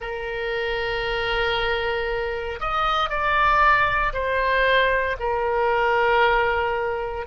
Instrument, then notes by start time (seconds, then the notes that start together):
oboe
0.00 A#4
2.60 D#5
3.09 D5
4.13 C5
5.20 A#4